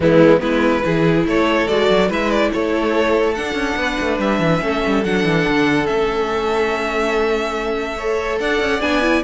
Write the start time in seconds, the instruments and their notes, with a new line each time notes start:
0.00 cello E3, viola G#3, violin B3 E4
0.39 cello G#3, viola B3, violin E4 B4
0.83 cello E3, viola E4, violin G#4
1.25 cello A3, violin A4 C#5
1.67 cello G#3, viola F#4, violin D5
1.89 cello F#3
2.08 cello G#3, viola E4, violin B4 E5
2.30 violin D5
2.53 cello A3, violin A4 C#5
3.34 viola D4, cello D4, violin F#5
3.53 cello C#4
3.76 cello B3, violin B4
4.00 cello A3
4.19 cello G3, violin E5
4.39 cello E3
4.60 cello A3, viola C#4, violin A4
4.86 cello G3
5.04 cello F#3, viola D4, violin F#5
5.24 cello E3
5.47 cello D3
5.86 cello A3, viola C#4, violin E5
7.96 viola A4, violin C#5
8.39 cello D4, violin D5 F#5
8.60 cello C#4
8.80 cello B3, viola D4, violin G#5
9.01 viola E4